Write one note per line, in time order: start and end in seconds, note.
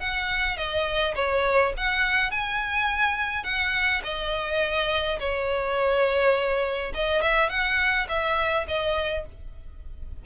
0.00 0.57 F#5
0.57 1.15 D#5
1.16 1.73 C#5
1.77 2.32 F#5
2.32 3.44 G#5
3.44 4.02 F#5
4.04 5.19 D#5
5.20 6.93 C#5
6.94 7.22 D#5
7.22 7.49 E5
7.49 8.07 F#5
8.09 8.66 E5
8.68 9.26 D#5